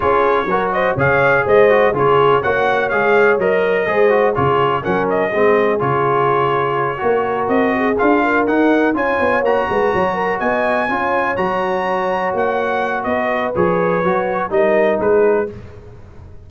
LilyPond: <<
  \new Staff \with { instrumentName = "trumpet" } { \time 4/4 \tempo 4 = 124 cis''4. dis''8 f''4 dis''4 | cis''4 fis''4 f''4 dis''4~ | dis''4 cis''4 fis''8 dis''4. | cis''2.~ cis''8 dis''8~ |
dis''8 f''4 fis''4 gis''4 ais''8~ | ais''4. gis''2 ais''8~ | ais''4. fis''4. dis''4 | cis''2 dis''4 b'4 | }
  \new Staff \with { instrumentName = "horn" } { \time 4/4 gis'4 ais'8 c''8 cis''4 c''4 | gis'4 cis''2. | c''4 gis'4 ais'4 gis'4~ | gis'2~ gis'8 ais'4. |
gis'4 ais'4. cis''4. | b'8 cis''8 ais'8 dis''4 cis''4.~ | cis''2. b'4~ | b'2 ais'4 gis'4 | }
  \new Staff \with { instrumentName = "trombone" } { \time 4/4 f'4 fis'4 gis'4. fis'8 | f'4 fis'4 gis'4 ais'4 | gis'8 fis'8 f'4 cis'4 c'4 | f'2~ f'8 fis'4.~ |
fis'8 f'4 dis'4 f'4 fis'8~ | fis'2~ fis'8 f'4 fis'8~ | fis'1 | gis'4 fis'4 dis'2 | }
  \new Staff \with { instrumentName = "tuba" } { \time 4/4 cis'4 fis4 cis4 gis4 | cis4 ais4 gis4 fis4 | gis4 cis4 fis4 gis4 | cis2~ cis8 ais4 c'8~ |
c'8 d'4 dis'4 cis'8 b8 ais8 | gis8 fis4 b4 cis'4 fis8~ | fis4. ais4. b4 | f4 fis4 g4 gis4 | }
>>